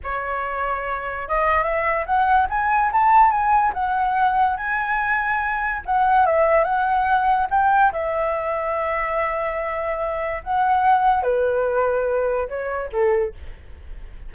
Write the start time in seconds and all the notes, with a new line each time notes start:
0.03 C#5
1.28 D#5
1.63 E5
2.06 F#5
2.49 G#5
2.92 A5
3.30 G#5
3.73 F#5
4.56 G#5
5.85 F#5
6.26 E5
6.64 F#5
7.50 G5
7.92 E5
10.43 F#5
11.23 B4
12.48 C#5
12.92 A4